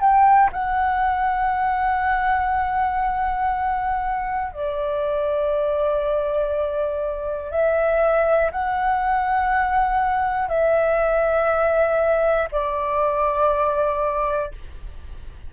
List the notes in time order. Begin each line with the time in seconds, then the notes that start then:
0.00 G5
0.52 F#5
4.53 D5
7.51 E5
8.51 F#5
10.48 E5
12.51 D5